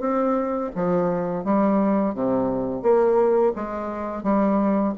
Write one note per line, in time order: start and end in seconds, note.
0.00 0.71 C4
0.75 1.44 F3
1.44 2.14 G3
2.14 2.82 C3
2.82 3.53 A#3
3.55 4.23 G#3
4.23 4.93 G3